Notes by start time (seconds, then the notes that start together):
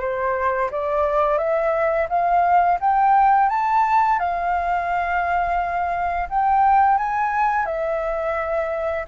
0.00 C5
0.71 D5
1.38 E5
2.09 F5
2.80 G5
3.49 A5
4.19 F5
6.29 G5
6.97 G#5
7.66 E5